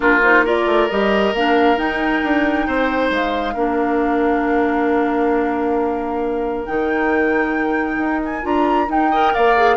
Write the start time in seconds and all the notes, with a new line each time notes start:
0.00 A#3 D4 F4 A#4
0.22 D#4 C5
0.44 F4 A#4 D5
0.66 A3
0.90 G3 G4 D#5
1.33 A#3 D4 F5
1.76 D#4 G5
2.23 D4
2.67 C4 C5
3.10 G#3 F5
3.54 A#3 D4 A#4
6.65 D#3 D#4 G5
7.97 D#4
8.24 G#5
8.42 D4 F4 A#5
8.87 D#4 G5
9.10 A#4 D#5
9.34 A#3 D5 F5
9.56 G#4